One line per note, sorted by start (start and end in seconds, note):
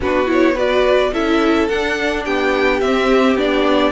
0.00 1.12 B3
0.00 0.26 D4
0.00 0.54 F#4
0.00 0.30 B4
0.26 0.54 E4
0.26 0.58 C#5
0.54 1.12 F#4
0.54 1.11 B4
0.54 1.13 D5
1.12 1.68 C#4
1.12 1.69 E4
1.12 2.24 A4
1.12 1.68 E5
1.68 2.82 D4
1.68 2.26 D4
1.68 2.24 F#5
2.24 2.81 B3
2.24 3.92 G4
2.24 2.80 G5
2.80 3.35 C4
2.80 3.37 C4
2.80 3.36 E5
3.35 3.91 B3
3.35 3.92 D4
3.35 3.92 D5